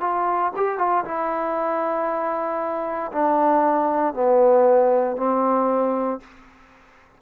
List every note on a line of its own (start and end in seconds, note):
0.00 0.52 F4
0.56 0.78 G4
0.78 1.04 F4
1.04 3.11 E4
3.12 4.14 D4
4.14 5.17 B3
5.17 6.20 C4